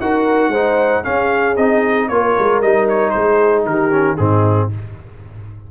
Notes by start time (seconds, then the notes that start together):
0.00 D#4 F#4 A#4 F#5
0.48 G#3 D#4 C5
1.04 C#4 G#4 F5
1.57 C4 D#4 D#5
2.08 A#3 F4 A#4 C#5
2.39 G#3
2.62 G3 D#4 D#5
2.89 C#5
3.10 G#3 G#4 C5
3.66 D#3 G4 A#4
3.91 C#4
4.17 G#2 C4 D#4 G#4